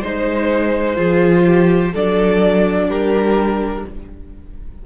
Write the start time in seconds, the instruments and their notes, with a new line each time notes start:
0.00 cello G#3, viola D#4, violin C5
0.96 cello F3, viola F4, violin G#4
1.46 violin G4
1.93 cello F#3, viola D4, violin A4 D5
2.87 cello G3, violin G4 A#4